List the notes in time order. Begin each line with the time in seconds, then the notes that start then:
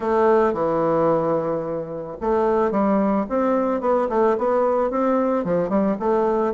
0.00 A3
0.53 E3
2.20 A3
2.71 G3
3.29 C4
3.80 B3
4.09 A3
4.38 B3
4.90 C4
5.44 F3
5.69 G3
5.99 A3